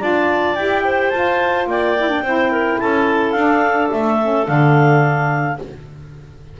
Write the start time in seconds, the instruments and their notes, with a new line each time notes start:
0.00 double bass D4, saxophone F4, clarinet D5 A5
0.55 double bass E4, saxophone G4, clarinet G5
0.85 clarinet C5
1.10 saxophone F4, double bass F4, clarinet A5
1.67 double bass A#3, clarinet D5 G5
1.98 saxophone E4
2.09 saxophone D4
2.22 double bass C4, saxophone E4, clarinet C5
2.52 clarinet A#4
2.80 double bass C#4, clarinet A4 A5
3.32 double bass D4, saxophone D4, clarinet F5
3.91 double bass A3, clarinet E5
4.22 saxophone C#4
4.47 double bass D3, saxophone D4, clarinet F5